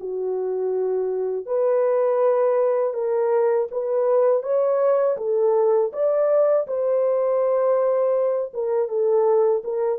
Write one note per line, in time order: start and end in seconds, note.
0.00 1.46 F#4
1.46 2.94 B4
2.94 3.68 A#4
3.71 4.43 B4
4.43 5.17 C#5
5.18 5.92 A4
5.93 6.67 D5
6.67 8.53 C5
8.54 8.88 A#4
8.88 9.62 A4
9.64 9.99 A#4